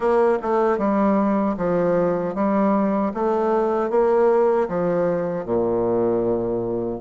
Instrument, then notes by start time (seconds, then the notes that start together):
bassoon
0.00 A#3
0.42 A3
0.78 G3
1.57 F3
2.34 G3
3.13 A3
3.90 A#3
4.68 F3
5.45 A#2